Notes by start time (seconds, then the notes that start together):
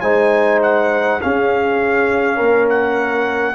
0.00 G#3 D#4 C5 G#5
0.62 F#5
1.21 C#4 G#4 F5
2.37 A#3 A#4
2.69 F#5